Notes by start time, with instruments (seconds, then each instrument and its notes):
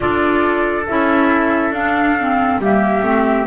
0.00 double bass D4, clarinet F4, trumpet A4, flute D5
0.86 double bass C#4, clarinet E4, flute E5
1.70 double bass D4, clarinet D4, flute F5
2.19 clarinet C4
2.58 double bass G3, clarinet A#3, trumpet G4, flute E5
3.02 double bass A3, clarinet C4